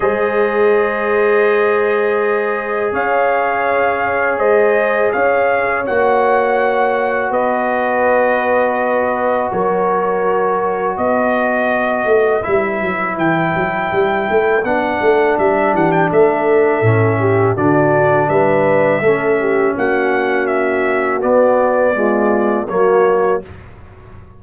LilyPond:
<<
  \new Staff \with { instrumentName = "trumpet" } { \time 4/4 \tempo 4 = 82 dis''1 | f''2 dis''4 f''4 | fis''2 dis''2~ | dis''4 cis''2 dis''4~ |
dis''4 e''4 g''2 | fis''4 e''8 fis''16 g''16 e''2 | d''4 e''2 fis''4 | e''4 d''2 cis''4 | }
  \new Staff \with { instrumentName = "horn" } { \time 4/4 c''1 | cis''2 c''4 cis''4~ | cis''2 b'2~ | b'4 ais'2 b'4~ |
b'1~ | b'4. g'8 a'4. g'8 | fis'4 b'4 a'8 g'8 fis'4~ | fis'2 f'4 fis'4 | }
  \new Staff \with { instrumentName = "trombone" } { \time 4/4 gis'1~ | gis'1 | fis'1~ | fis'1~ |
fis'4 e'2. | d'2. cis'4 | d'2 cis'2~ | cis'4 b4 gis4 ais4 | }
  \new Staff \with { instrumentName = "tuba" } { \time 4/4 gis1 | cis'2 gis4 cis'4 | ais2 b2~ | b4 fis2 b4~ |
b8 a8 g8 fis8 e8 fis8 g8 a8 | b8 a8 g8 e8 a4 a,4 | d4 g4 a4 ais4~ | ais4 b2 fis4 | }
>>